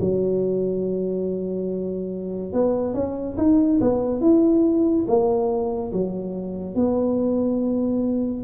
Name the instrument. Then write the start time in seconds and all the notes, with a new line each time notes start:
tuba
0.00 F#3
2.53 B3
2.94 C#4
3.37 D#4
3.80 B3
4.21 E4
5.07 A#3
5.92 F#3
6.75 B3